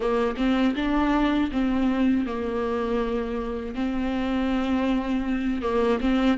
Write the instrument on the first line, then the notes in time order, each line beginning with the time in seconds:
viola
0.00 A#3
0.36 C4
0.75 D4
1.51 C4
2.26 A#3
3.75 C4
5.62 A#3
6.00 C4